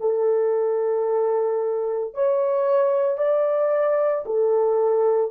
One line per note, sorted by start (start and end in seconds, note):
0.00 2.14 A4
2.14 3.18 C#5
3.18 4.25 D5
4.26 5.31 A4